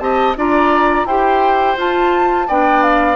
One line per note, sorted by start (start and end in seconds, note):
0.00 0.36 C4
0.00 0.35 G4
0.00 0.38 D#5
0.00 0.35 A5
0.37 1.05 D4
0.37 1.08 F4
0.37 1.07 D5
0.37 1.06 A#5
1.05 1.76 E4
1.05 1.78 G4
1.05 2.48 C5
1.05 1.77 G5
1.77 2.48 F4
1.77 2.49 A5
2.48 3.16 B3
2.48 3.16 D4
2.48 3.16 D5
2.48 2.82 G5
2.82 3.16 F5